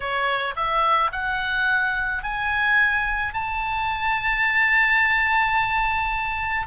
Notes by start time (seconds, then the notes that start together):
0.00 C#5
0.56 E5
1.12 F#5
2.23 G#5
3.33 A5